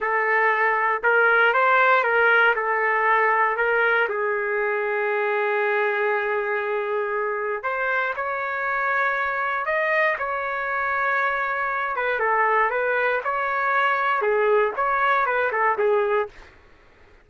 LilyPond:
\new Staff \with { instrumentName = "trumpet" } { \time 4/4 \tempo 4 = 118 a'2 ais'4 c''4 | ais'4 a'2 ais'4 | gis'1~ | gis'2. c''4 |
cis''2. dis''4 | cis''2.~ cis''8 b'8 | a'4 b'4 cis''2 | gis'4 cis''4 b'8 a'8 gis'4 | }